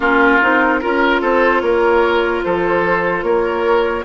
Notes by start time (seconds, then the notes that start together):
0.00 A#3 C#4 F4 A#4
0.41 C4 D#4
0.81 C#4 F4 A#4
1.21 C4 A4 C5
1.60 A#3 A#4 C#5
2.43 F3 A4 C5
3.22 A#3 A#4 C#5